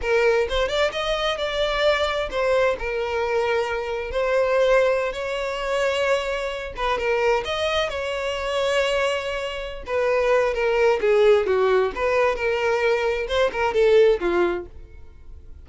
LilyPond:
\new Staff \with { instrumentName = "violin" } { \time 4/4 \tempo 4 = 131 ais'4 c''8 d''8 dis''4 d''4~ | d''4 c''4 ais'2~ | ais'4 c''2~ c''16 cis''8.~ | cis''2~ cis''8. b'8 ais'8.~ |
ais'16 dis''4 cis''2~ cis''8.~ | cis''4. b'4. ais'4 | gis'4 fis'4 b'4 ais'4~ | ais'4 c''8 ais'8 a'4 f'4 | }